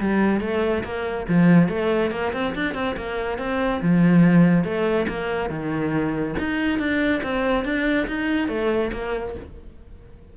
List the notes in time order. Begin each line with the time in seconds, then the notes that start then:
0.00 G3
0.41 A3
0.84 A#3
1.28 F3
1.69 A3
2.11 A#3
2.33 C4
2.55 D4
2.74 C4
2.97 A#3
3.38 C4
3.82 F3
4.64 A3
5.08 A#3
5.50 D#3
6.39 D#4
6.79 D4
7.23 C4
7.65 D4
8.08 D#4
8.49 A3
8.93 A#3